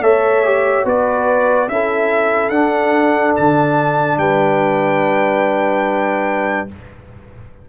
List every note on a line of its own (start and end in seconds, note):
0.00 0.83 A3
0.00 0.44 A4
0.00 0.85 C#5
0.00 0.85 E5
0.44 0.85 G4
0.85 1.68 B3
0.85 1.68 F#4
0.85 1.68 B4
0.85 1.69 D5
1.68 2.49 C#4
1.68 2.52 E4
1.68 4.19 A4
1.68 2.49 E5
2.49 3.33 D4
2.49 6.68 D4
2.49 3.33 F#5
3.35 4.17 D3
3.35 4.18 A5
4.17 6.67 G3
4.17 6.69 B4
4.17 6.68 G5